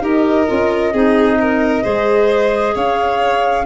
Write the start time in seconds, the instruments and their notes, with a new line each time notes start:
0.00 tuba D#4, clarinet G4, violin A#4, flute D#5
0.47 tuba C#4, clarinet F4
0.92 tuba C4, clarinet D#4, violin G#4
1.40 violin A#4
1.82 tuba G#3, clarinet G#4, violin C5
2.74 tuba C#4, violin C#5, flute F5